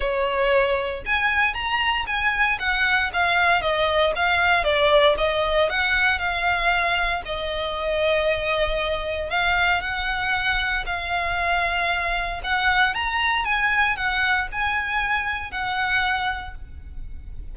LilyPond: \new Staff \with { instrumentName = "violin" } { \time 4/4 \tempo 4 = 116 cis''2 gis''4 ais''4 | gis''4 fis''4 f''4 dis''4 | f''4 d''4 dis''4 fis''4 | f''2 dis''2~ |
dis''2 f''4 fis''4~ | fis''4 f''2. | fis''4 ais''4 gis''4 fis''4 | gis''2 fis''2 | }